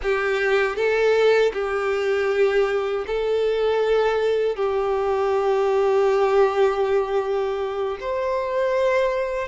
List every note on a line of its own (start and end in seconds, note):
0.02 0.76 G4
0.76 1.52 A4
1.53 3.05 G4
3.06 4.56 A4
4.56 7.97 G4
8.00 9.47 C5